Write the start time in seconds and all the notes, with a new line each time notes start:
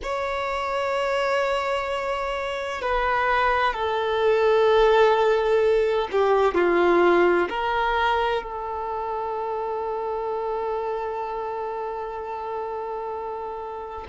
0.03 C#5
2.81 B4
3.73 A4
6.11 G4
6.54 F4
7.49 A#4
8.42 A4